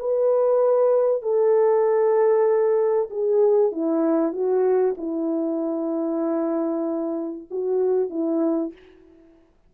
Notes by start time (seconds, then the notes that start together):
0.00 B4
1.22 A4
3.11 G#4
3.72 E4
4.33 F#4
4.98 E4
7.51 F#4
8.11 E4